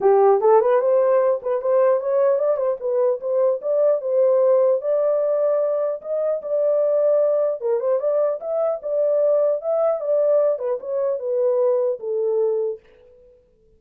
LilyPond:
\new Staff \with { instrumentName = "horn" } { \time 4/4 \tempo 4 = 150 g'4 a'8 b'8 c''4. b'8 | c''4 cis''4 d''8 c''8 b'4 | c''4 d''4 c''2 | d''2. dis''4 |
d''2. ais'8 c''8 | d''4 e''4 d''2 | e''4 d''4. b'8 cis''4 | b'2 a'2 | }